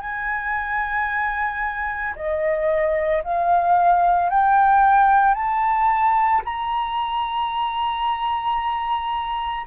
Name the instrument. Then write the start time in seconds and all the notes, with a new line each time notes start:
flute
0.00 G#5
2.16 D#5
3.24 F5
4.30 G5
5.35 A5
6.45 A#5